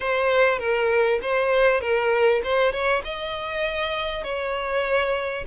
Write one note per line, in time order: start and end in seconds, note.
0.00 0.58 C5
0.58 1.19 A#4
1.21 1.80 C5
1.80 2.41 A#4
2.43 2.72 C5
2.72 3.02 C#5
3.04 4.23 D#5
4.23 5.44 C#5